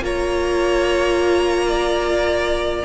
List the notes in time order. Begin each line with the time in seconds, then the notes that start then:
0.00 A#3 F4 C#5 A#5
1.67 D5